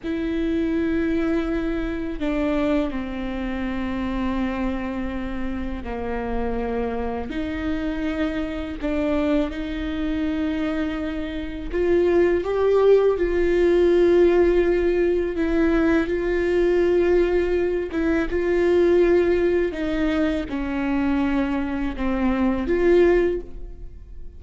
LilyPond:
\new Staff \with { instrumentName = "viola" } { \time 4/4 \tempo 4 = 82 e'2. d'4 | c'1 | ais2 dis'2 | d'4 dis'2. |
f'4 g'4 f'2~ | f'4 e'4 f'2~ | f'8 e'8 f'2 dis'4 | cis'2 c'4 f'4 | }